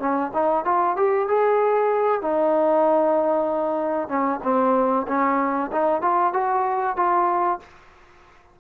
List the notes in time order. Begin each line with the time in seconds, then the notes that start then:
0.00 C#4
0.34 D#4
0.65 F4
0.97 G4
1.28 G#4
2.22 D#4
4.09 C#4
4.44 C4
5.08 C#4
5.72 D#4
6.02 F4
6.34 F#4
6.97 F4